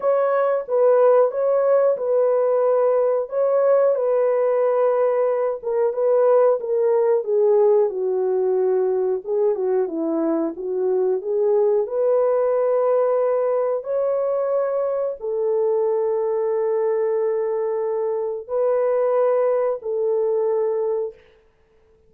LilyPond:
\new Staff \with { instrumentName = "horn" } { \time 4/4 \tempo 4 = 91 cis''4 b'4 cis''4 b'4~ | b'4 cis''4 b'2~ | b'8 ais'8 b'4 ais'4 gis'4 | fis'2 gis'8 fis'8 e'4 |
fis'4 gis'4 b'2~ | b'4 cis''2 a'4~ | a'1 | b'2 a'2 | }